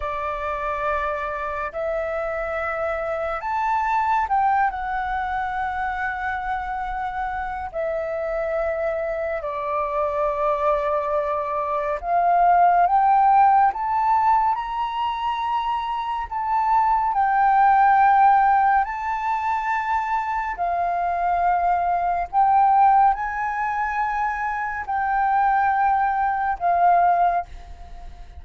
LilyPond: \new Staff \with { instrumentName = "flute" } { \time 4/4 \tempo 4 = 70 d''2 e''2 | a''4 g''8 fis''2~ fis''8~ | fis''4 e''2 d''4~ | d''2 f''4 g''4 |
a''4 ais''2 a''4 | g''2 a''2 | f''2 g''4 gis''4~ | gis''4 g''2 f''4 | }